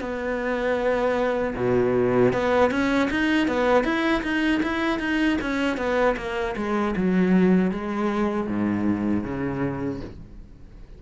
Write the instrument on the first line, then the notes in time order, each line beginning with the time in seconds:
cello
0.00 B3
1.56 B2
2.33 B3
2.71 C#4
3.10 D#4
3.47 B3
3.84 E4
4.23 D#4
4.63 E4
4.99 D#4
5.41 C#4
5.77 B3
6.16 A#3
6.56 G#3
6.96 F#3
7.71 G#3
8.47 G#2
9.23 C#3